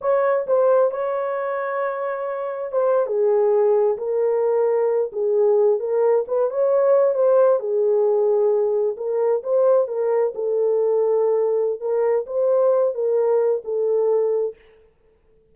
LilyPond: \new Staff \with { instrumentName = "horn" } { \time 4/4 \tempo 4 = 132 cis''4 c''4 cis''2~ | cis''2 c''8. gis'4~ gis'16~ | gis'8. ais'2~ ais'8 gis'8.~ | gis'8. ais'4 b'8 cis''4. c''16~ |
c''8. gis'2. ais'16~ | ais'8. c''4 ais'4 a'4~ a'16~ | a'2 ais'4 c''4~ | c''8 ais'4. a'2 | }